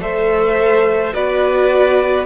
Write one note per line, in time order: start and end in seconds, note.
0.00 1.13 A3
0.00 1.12 A4
0.00 1.13 C5
0.00 1.14 E5
1.12 2.26 B3
1.12 2.25 F#4
1.12 2.26 B4
1.12 2.26 D5